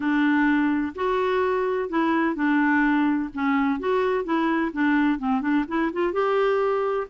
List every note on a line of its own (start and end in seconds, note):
0.00 0.93 D4
0.95 1.89 F#4
1.89 2.35 E4
2.35 3.29 D4
3.33 3.79 C#4
3.79 4.24 F#4
4.24 4.71 E4
4.72 5.18 D4
5.18 5.41 C4
5.41 5.65 D4
5.68 5.91 E4
5.92 6.12 F4
6.12 7.07 G4